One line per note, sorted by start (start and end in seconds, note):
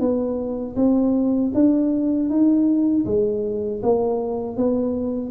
0.00 0.76 B3
0.76 1.52 C4
1.54 2.30 D4
2.30 3.06 D#4
3.06 3.81 G#3
3.83 4.57 A#3
4.57 5.31 B3